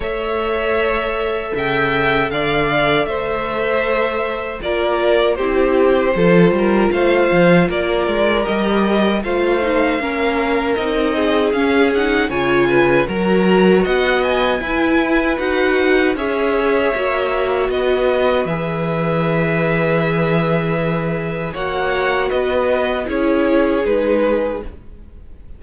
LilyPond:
<<
  \new Staff \with { instrumentName = "violin" } { \time 4/4 \tempo 4 = 78 e''2 g''4 f''4 | e''2 d''4 c''4~ | c''4 f''4 d''4 dis''4 | f''2 dis''4 f''8 fis''8 |
gis''4 ais''4 fis''8 gis''4. | fis''4 e''2 dis''4 | e''1 | fis''4 dis''4 cis''4 b'4 | }
  \new Staff \with { instrumentName = "violin" } { \time 4/4 cis''2 e''4 d''4 | c''2 ais'4 g'4 | a'8 ais'8 c''4 ais'2 | c''4 ais'4. gis'4. |
cis''8 b'8 ais'4 dis''4 b'4~ | b'4 cis''2 b'4~ | b'1 | cis''4 b'4 gis'2 | }
  \new Staff \with { instrumentName = "viola" } { \time 4/4 a'1~ | a'2 f'4 e'4 | f'2. g'4 | f'8 dis'8 cis'4 dis'4 cis'8 dis'8 |
f'4 fis'2 e'4 | fis'4 gis'4 fis'2 | gis'1 | fis'2 e'4 dis'4 | }
  \new Staff \with { instrumentName = "cello" } { \time 4/4 a2 cis4 d4 | a2 ais4 c'4 | f8 g8 a8 f8 ais8 gis8 g4 | a4 ais4 c'4 cis'4 |
cis4 fis4 b4 e'4 | dis'4 cis'4 ais4 b4 | e1 | ais4 b4 cis'4 gis4 | }
>>